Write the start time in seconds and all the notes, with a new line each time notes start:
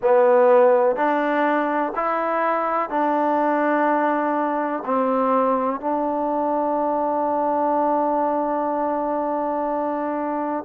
0.02 B3
0.96 D4
1.95 E4
2.89 D4
4.85 C4
5.80 D4